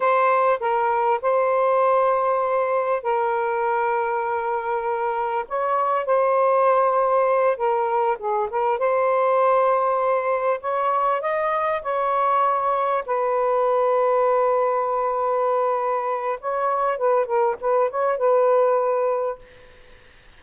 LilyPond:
\new Staff \with { instrumentName = "saxophone" } { \time 4/4 \tempo 4 = 99 c''4 ais'4 c''2~ | c''4 ais'2.~ | ais'4 cis''4 c''2~ | c''8 ais'4 gis'8 ais'8 c''4.~ |
c''4. cis''4 dis''4 cis''8~ | cis''4. b'2~ b'8~ | b'2. cis''4 | b'8 ais'8 b'8 cis''8 b'2 | }